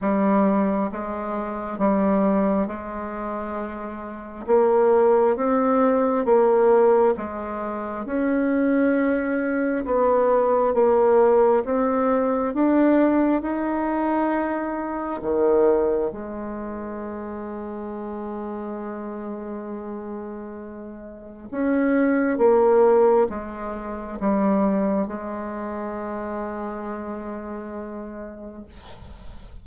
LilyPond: \new Staff \with { instrumentName = "bassoon" } { \time 4/4 \tempo 4 = 67 g4 gis4 g4 gis4~ | gis4 ais4 c'4 ais4 | gis4 cis'2 b4 | ais4 c'4 d'4 dis'4~ |
dis'4 dis4 gis2~ | gis1 | cis'4 ais4 gis4 g4 | gis1 | }